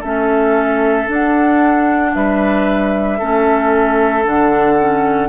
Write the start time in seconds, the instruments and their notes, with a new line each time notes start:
0.00 bassoon A3, clarinet C#4, oboe A4, flute E5
1.08 clarinet D4, bassoon D4, flute F#5
2.14 bassoon G3, oboe B4, flute E5
3.19 bassoon A3, clarinet C#4, oboe A4
4.25 bassoon D3, clarinet D4, flute F#5
4.79 clarinet C#4